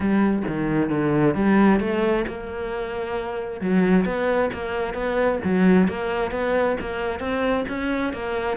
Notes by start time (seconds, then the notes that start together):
0.00 G3
0.47 D#3
0.89 D3
1.34 G3
1.80 A3
2.27 A#3
3.60 F#3
4.05 B3
4.53 A#3
4.94 B3
5.44 F#3
5.87 A#3
6.31 B3
6.80 A#3
7.19 C4
7.68 C#4
8.13 A#3